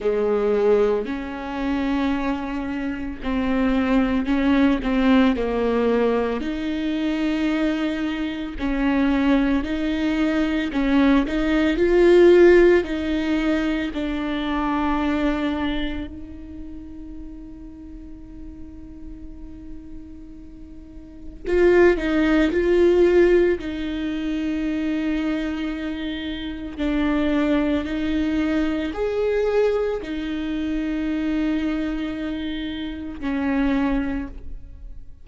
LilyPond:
\new Staff \with { instrumentName = "viola" } { \time 4/4 \tempo 4 = 56 gis4 cis'2 c'4 | cis'8 c'8 ais4 dis'2 | cis'4 dis'4 cis'8 dis'8 f'4 | dis'4 d'2 dis'4~ |
dis'1 | f'8 dis'8 f'4 dis'2~ | dis'4 d'4 dis'4 gis'4 | dis'2. cis'4 | }